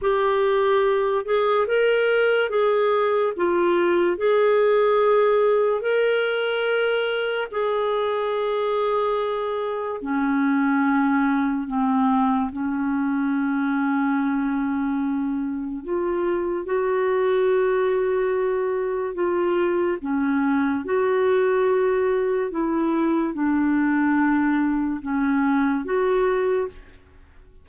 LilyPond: \new Staff \with { instrumentName = "clarinet" } { \time 4/4 \tempo 4 = 72 g'4. gis'8 ais'4 gis'4 | f'4 gis'2 ais'4~ | ais'4 gis'2. | cis'2 c'4 cis'4~ |
cis'2. f'4 | fis'2. f'4 | cis'4 fis'2 e'4 | d'2 cis'4 fis'4 | }